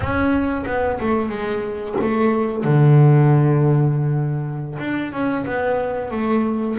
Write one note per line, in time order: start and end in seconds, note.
0.00 0.64 C#4
0.66 0.99 B3
1.00 1.29 A3
1.29 1.95 G#3
2.01 2.63 A3
2.63 4.78 D3
4.79 5.12 D4
5.12 5.45 C#4
5.45 6.10 B3
6.10 6.76 A3